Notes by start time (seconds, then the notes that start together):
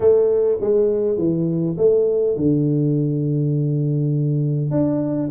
0.00 A3
0.60 G#3
1.17 E3
1.77 A3
2.36 D3
4.70 D4